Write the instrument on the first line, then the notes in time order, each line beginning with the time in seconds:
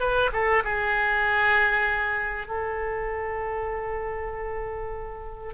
oboe
0.00 B4
0.33 A4
0.64 G#4
2.47 A4